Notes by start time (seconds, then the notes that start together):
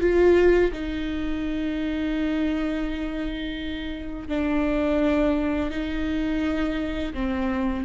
0.00 F4
0.72 D#4
4.28 D4
5.70 D#4
7.13 C4